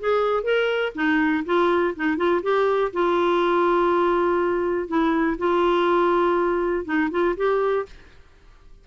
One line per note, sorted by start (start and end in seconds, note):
0.00 0.44 G#4
0.44 0.93 A#4
0.95 1.45 D#4
1.46 1.95 F4
1.96 2.17 D#4
2.17 2.42 F4
2.43 2.92 G4
2.94 4.88 F4
4.88 5.37 E4
5.39 6.85 F4
6.85 7.10 D#4
7.11 7.36 F4
7.37 7.86 G4